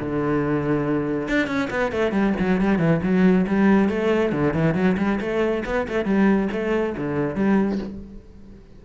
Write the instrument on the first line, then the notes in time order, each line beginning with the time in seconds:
cello
0.00 D3
1.29 D4
1.47 C#4
1.71 B3
1.92 A3
2.12 G3
2.40 F#3
2.62 G3
2.79 E3
3.03 F#3
3.48 G3
3.90 A3
4.33 D3
4.54 E3
4.75 F#3
4.98 G3
5.21 A3
5.66 B3
5.89 A3
6.06 G3
6.53 A3
6.98 D3
7.36 G3